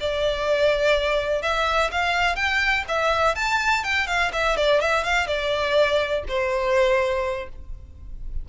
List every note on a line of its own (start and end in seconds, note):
0.00 1.42 D5
1.42 1.90 E5
1.91 2.36 F5
2.36 2.84 G5
2.88 3.35 E5
3.35 3.84 A5
3.84 4.07 G5
4.07 4.31 F5
4.33 4.57 E5
4.57 4.81 D5
4.81 5.04 E5
5.04 5.27 F5
5.27 6.24 D5
6.28 7.49 C5